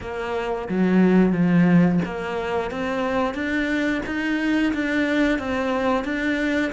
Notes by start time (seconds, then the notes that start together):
0.01 A#3
0.68 F#3
1.32 F3
2.05 A#3
2.70 C4
3.34 D4
4.05 D#4
4.73 D4
5.38 C4
6.04 D4